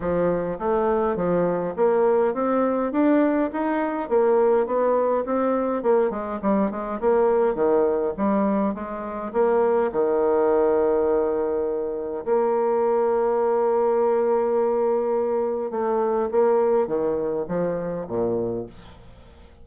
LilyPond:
\new Staff \with { instrumentName = "bassoon" } { \time 4/4 \tempo 4 = 103 f4 a4 f4 ais4 | c'4 d'4 dis'4 ais4 | b4 c'4 ais8 gis8 g8 gis8 | ais4 dis4 g4 gis4 |
ais4 dis2.~ | dis4 ais2.~ | ais2. a4 | ais4 dis4 f4 ais,4 | }